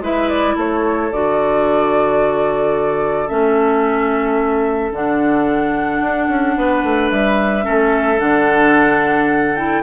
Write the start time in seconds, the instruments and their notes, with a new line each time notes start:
0.00 bassoon G#3, clarinet E4, oboe B4, flute E5
0.29 flute D5
0.55 bassoon A3, oboe A4, flute C#5
1.12 bassoon D3, clarinet F#4, flute D5
3.28 bassoon A3, clarinet C#4, flute E5
4.92 bassoon D3, clarinet D4, flute F#5
6.00 bassoon D4
6.28 bassoon C#4
6.58 bassoon B3, oboe B4
6.84 bassoon A3
7.10 bassoon G3, flute E5
7.63 bassoon A3, clarinet C#4, oboe A4
8.18 bassoon D3, clarinet D4, flute F#5
9.56 clarinet E4, flute G5